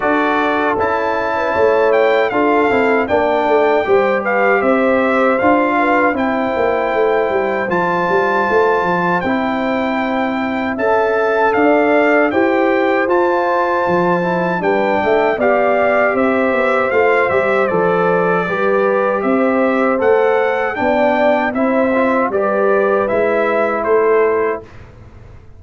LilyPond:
<<
  \new Staff \with { instrumentName = "trumpet" } { \time 4/4 \tempo 4 = 78 d''4 a''4. g''8 f''4 | g''4. f''8 e''4 f''4 | g''2 a''2 | g''2 a''4 f''4 |
g''4 a''2 g''4 | f''4 e''4 f''8 e''8 d''4~ | d''4 e''4 fis''4 g''4 | e''4 d''4 e''4 c''4 | }
  \new Staff \with { instrumentName = "horn" } { \time 4/4 a'4.~ a'16 b'16 cis''4 a'4 | d''4 c''8 b'8 c''4. b'8 | c''1~ | c''2 e''4 d''4 |
c''2. b'8 e''8 | d''4 c''2. | b'4 c''2 d''4 | c''4 b'2 a'4 | }
  \new Staff \with { instrumentName = "trombone" } { \time 4/4 fis'4 e'2 f'8 e'8 | d'4 g'2 f'4 | e'2 f'2 | e'2 a'2 |
g'4 f'4. e'8 d'4 | g'2 f'8 g'8 a'4 | g'2 a'4 d'4 | e'8 f'8 g'4 e'2 | }
  \new Staff \with { instrumentName = "tuba" } { \time 4/4 d'4 cis'4 a4 d'8 c'8 | ais8 a8 g4 c'4 d'4 | c'8 ais8 a8 g8 f8 g8 a8 f8 | c'2 cis'4 d'4 |
e'4 f'4 f4 g8 a8 | b4 c'8 b8 a8 g8 f4 | g4 c'4 a4 b4 | c'4 g4 gis4 a4 | }
>>